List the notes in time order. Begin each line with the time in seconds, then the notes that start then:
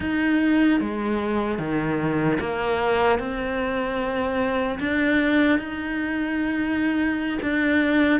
0.00 D#4
0.80 G#3
1.58 D#3
2.40 A#3
3.19 C4
4.79 D4
5.58 D#4
7.42 D4